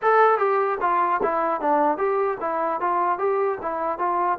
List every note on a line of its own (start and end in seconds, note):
0.01 0.38 A4
0.38 0.78 G4
0.80 1.20 F4
1.22 1.60 E4
1.60 1.97 D4
1.97 2.37 G4
2.40 2.80 E4
2.80 3.18 F4
3.18 3.58 G4
3.61 3.98 E4
3.98 4.38 F4